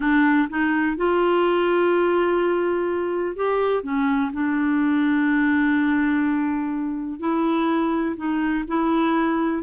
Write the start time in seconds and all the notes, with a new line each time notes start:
0.00 D4
0.49 D#4
0.96 F4
3.36 G4
3.83 C#4
4.32 D4
7.19 E4
8.16 D#4
8.67 E4